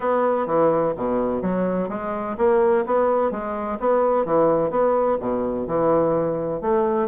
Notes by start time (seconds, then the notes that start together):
0.00 B3
0.46 E3
0.96 B2
1.42 F#3
1.89 G#3
2.37 A#3
2.86 B3
3.31 G#3
3.79 B3
4.25 E3
4.70 B3
5.20 B2
5.67 E3
6.61 A3